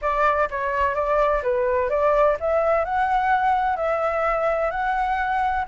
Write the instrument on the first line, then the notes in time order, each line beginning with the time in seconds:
flute
0.01 D5
0.50 C#5
0.94 D5
1.42 B4
1.89 D5
2.40 E5
2.84 F#5
3.76 E5
4.70 F#5